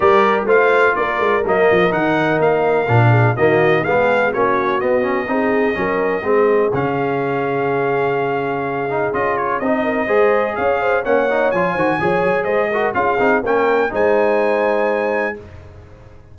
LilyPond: <<
  \new Staff \with { instrumentName = "trumpet" } { \time 4/4 \tempo 4 = 125 d''4 f''4 d''4 dis''4 | fis''4 f''2 dis''4 | f''4 cis''4 dis''2~ | dis''2 f''2~ |
f''2. dis''8 cis''8 | dis''2 f''4 fis''4 | gis''2 dis''4 f''4 | g''4 gis''2. | }
  \new Staff \with { instrumentName = "horn" } { \time 4/4 ais'4 c''4 ais'2~ | ais'2~ ais'8 gis'8 fis'4 | gis'4 fis'2 gis'4 | ais'4 gis'2.~ |
gis'1~ | gis'8 ais'8 c''4 cis''8 c''8 cis''4~ | cis''8 c''8 cis''4 c''8 ais'8 gis'4 | ais'4 c''2. | }
  \new Staff \with { instrumentName = "trombone" } { \time 4/4 g'4 f'2 ais4 | dis'2 d'4 ais4 | b4 cis'4 b8 cis'8 dis'4 | cis'4 c'4 cis'2~ |
cis'2~ cis'8 dis'8 f'4 | dis'4 gis'2 cis'8 dis'8 | f'8 fis'8 gis'4. fis'8 f'8 dis'8 | cis'4 dis'2. | }
  \new Staff \with { instrumentName = "tuba" } { \time 4/4 g4 a4 ais8 gis8 fis8 f8 | dis4 ais4 ais,4 dis4 | gis4 ais4 b4 c'4 | fis4 gis4 cis2~ |
cis2. cis'4 | c'4 gis4 cis'4 ais4 | f8 dis8 f8 fis8 gis4 cis'8 c'8 | ais4 gis2. | }
>>